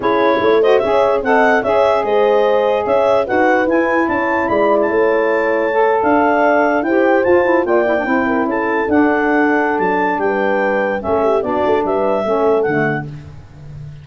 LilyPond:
<<
  \new Staff \with { instrumentName = "clarinet" } { \time 4/4 \tempo 4 = 147 cis''4. dis''8 e''4 fis''4 | e''4 dis''2 e''4 | fis''4 gis''4 a''4 b''8. a''16~ | a''2~ a''8. f''4~ f''16~ |
f''8. g''4 a''4 g''4~ g''16~ | g''8. a''4 fis''2~ fis''16 | a''4 g''2 e''4 | d''4 e''2 fis''4 | }
  \new Staff \with { instrumentName = "horn" } { \time 4/4 gis'4 cis''8 c''8 cis''4 dis''4 | cis''4 c''2 cis''4 | b'2 cis''4 d''4 | cis''2~ cis''8. d''4~ d''16~ |
d''8. c''2 d''4 c''16~ | c''16 ais'8 a'2.~ a'16~ | a'4 b'2 a'8 g'8 | fis'4 b'4 a'2 | }
  \new Staff \with { instrumentName = "saxophone" } { \time 4/4 e'4. fis'8 gis'4 a'4 | gis'1 | fis'4 e'2.~ | e'2 a'2~ |
a'8. g'4 f'8 e'8 f'8 e'16 d'16 e'16~ | e'4.~ e'16 d'2~ d'16~ | d'2. cis'4 | d'2 cis'4 a4 | }
  \new Staff \with { instrumentName = "tuba" } { \time 4/4 cis'4 a4 cis'4 c'4 | cis'4 gis2 cis'4 | dis'4 e'4 cis'4 gis4 | a2~ a8. d'4~ d'16~ |
d'8. e'4 f'4 ais4 c'16~ | c'8. cis'4 d'2~ d'16 | fis4 g2 a4 | b8 a8 g4 a4 d4 | }
>>